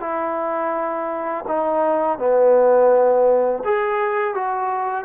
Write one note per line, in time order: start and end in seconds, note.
0.00 1.45 E4
1.48 2.18 D#4
2.18 3.63 B3
3.64 4.34 G#4
4.34 5.05 F#4